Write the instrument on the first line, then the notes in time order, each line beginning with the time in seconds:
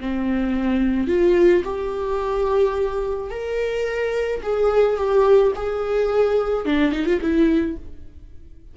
viola
0.00 C4
1.07 F4
1.64 G4
3.30 A#4
4.42 G#4
4.97 G4
5.55 G#4
6.65 D4
6.92 D#4
7.06 F4
7.21 E4